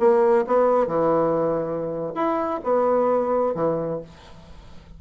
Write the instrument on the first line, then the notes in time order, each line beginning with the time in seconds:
bassoon
0.00 A#3
0.47 B3
0.88 E3
2.15 E4
2.64 B3
3.55 E3